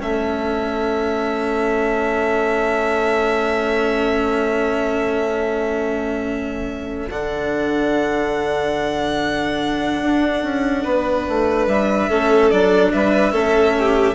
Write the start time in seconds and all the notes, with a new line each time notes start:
0.00 A3 C#4 A4 E5
7.10 D3 D4 F#5
10.02 D4
10.43 C#4
10.85 B3 B4
11.29 A3
11.67 G3 E5
12.09 A3 C#4 A4
12.51 F#3 D4 D5
12.93 G3 B4 E5
13.32 A3 C#4 A4
13.79 G4